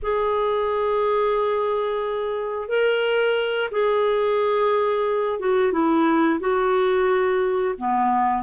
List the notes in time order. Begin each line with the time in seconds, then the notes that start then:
0.02 G#4
2.68 A#4
3.71 G#4
5.39 F#4
5.72 E4
6.40 F#4
7.78 B3